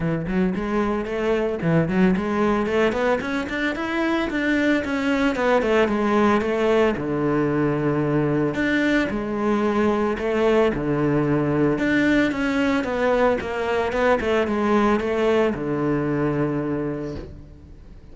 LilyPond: \new Staff \with { instrumentName = "cello" } { \time 4/4 \tempo 4 = 112 e8 fis8 gis4 a4 e8 fis8 | gis4 a8 b8 cis'8 d'8 e'4 | d'4 cis'4 b8 a8 gis4 | a4 d2. |
d'4 gis2 a4 | d2 d'4 cis'4 | b4 ais4 b8 a8 gis4 | a4 d2. | }